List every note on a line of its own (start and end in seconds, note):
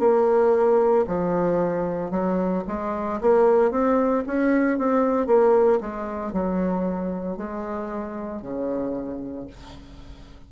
0.00 1.05 A#3
1.08 2.11 F3
2.11 2.64 F#3
2.68 3.21 G#3
3.22 3.71 A#3
3.71 4.24 C4
4.27 4.79 C#4
4.79 5.27 C4
5.27 5.80 A#3
5.81 6.33 G#3
6.33 7.37 F#3
7.37 8.42 G#3
8.42 9.47 C#3